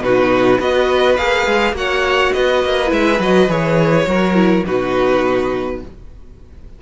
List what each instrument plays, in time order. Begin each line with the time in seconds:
0.00 cello B2, viola D#4, violin F#4 B4
0.58 cello B3, viola F#4, violin B4 D#5
1.16 cello A#3, viola G#4, violin F5
1.46 cello G#3
1.72 cello A#3, viola F#4, violin F#5
1.78 violin C#5
2.33 cello B3, violin B4 D#5
2.64 cello A#3
2.86 cello G#3, viola E4
2.92 violin E5
3.19 cello F#3, viola F#4, violin D#5
3.48 cello E3, viola G#4, violin C#5
4.06 cello F#3, viola F#4, violin A#4
4.34 viola E4
4.65 cello B2, viola D#4, violin F#4 B4